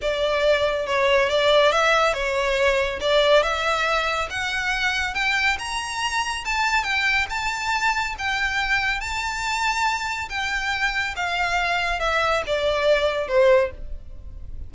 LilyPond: \new Staff \with { instrumentName = "violin" } { \time 4/4 \tempo 4 = 140 d''2 cis''4 d''4 | e''4 cis''2 d''4 | e''2 fis''2 | g''4 ais''2 a''4 |
g''4 a''2 g''4~ | g''4 a''2. | g''2 f''2 | e''4 d''2 c''4 | }